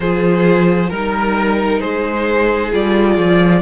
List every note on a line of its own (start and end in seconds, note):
0.00 0.90 F3
0.00 0.91 F4
0.00 0.89 G#4
0.00 0.89 C5
0.89 1.81 G3
0.89 2.71 D#4
0.89 1.80 A#4
0.89 1.79 A#4
1.79 2.73 G#3
1.79 3.61 G#4
1.79 2.71 C5
2.71 3.17 G3
2.71 3.61 F4
2.71 3.61 D5
3.17 3.61 F3